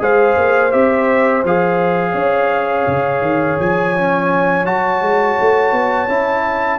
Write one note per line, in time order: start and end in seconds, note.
0.00 0.37 G#3
0.00 0.71 G#4
0.00 2.13 C5
0.00 0.72 F5
0.38 0.73 A#3
0.72 1.44 C4
0.72 1.43 G4
0.72 1.44 E5
1.44 2.15 F3
1.44 3.97 G#4
1.44 3.61 F5
2.13 2.86 C#4
2.13 6.77 C#5
2.88 3.22 C#3
3.22 3.57 D#3
3.60 4.67 F3
3.60 4.67 G#5
3.98 4.65 C#4
4.65 5.02 F#3
4.65 6.08 F#4
4.65 6.79 A5
5.02 5.37 G#3
5.41 5.72 A3
5.72 6.08 B3
6.08 6.79 C#4
6.08 6.79 E4